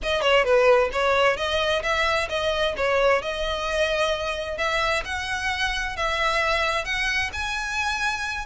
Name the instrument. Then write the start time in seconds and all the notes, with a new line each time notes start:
violin
0.02 D#5
0.21 C#5
0.44 B4
0.92 C#5
1.36 D#5
1.82 E5
2.29 D#5
2.76 C#5
3.21 D#5
4.57 E5
5.04 F#5
5.96 E5
6.84 F#5
7.32 G#5